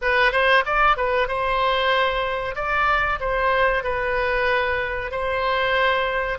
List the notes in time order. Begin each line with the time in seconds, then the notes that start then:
0.01 B4
0.32 C5
0.65 D5
0.97 B4
1.28 C5
2.55 D5
3.19 C5
3.83 B4
5.11 C5